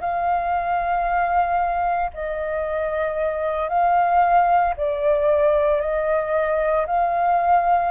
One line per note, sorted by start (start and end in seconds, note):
0.00 2.11 F5
2.13 3.68 D#5
3.68 4.74 F5
4.77 5.80 D5
5.80 6.86 D#5
6.86 7.91 F5